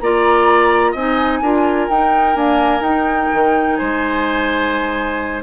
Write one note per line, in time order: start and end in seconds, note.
0.00 0.94 A#3
0.00 0.97 F4
0.00 0.92 D5
0.00 0.94 A#5
0.92 1.41 C4
0.92 1.43 D#4
0.92 1.39 D#5
0.92 1.89 G#5
1.41 1.88 D4
1.41 1.90 F4
1.41 3.78 A#4
1.89 2.35 D#4
1.89 2.36 G5
2.35 2.83 A#3
2.35 2.81 D4
2.35 2.83 G#5
2.81 3.28 D#4
2.81 5.43 D#4
2.81 3.76 G5
3.33 3.80 D#3
3.76 5.43 G#3
3.76 5.43 C5
3.76 5.42 G#5